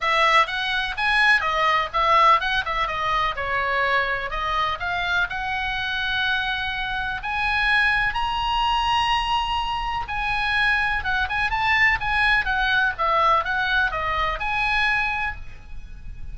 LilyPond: \new Staff \with { instrumentName = "oboe" } { \time 4/4 \tempo 4 = 125 e''4 fis''4 gis''4 dis''4 | e''4 fis''8 e''8 dis''4 cis''4~ | cis''4 dis''4 f''4 fis''4~ | fis''2. gis''4~ |
gis''4 ais''2.~ | ais''4 gis''2 fis''8 gis''8 | a''4 gis''4 fis''4 e''4 | fis''4 dis''4 gis''2 | }